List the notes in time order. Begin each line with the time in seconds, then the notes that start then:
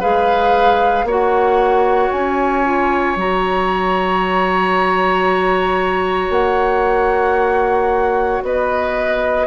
0.00 G#3 G#4 B4 F5
1.04 A#3 F#4 C#5
1.11 F#5
2.11 C#4 G#5
2.64 F4
3.16 F#3 F#4 A#5
6.30 A#3 F#5
8.43 B3 B4 D#5